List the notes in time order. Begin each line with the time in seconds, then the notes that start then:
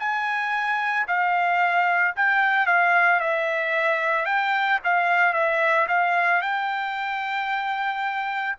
0.00 G#5
1.08 F5
2.17 G5
2.67 F5
3.20 E5
4.26 G5
4.85 F5
5.34 E5
5.88 F5
6.42 G5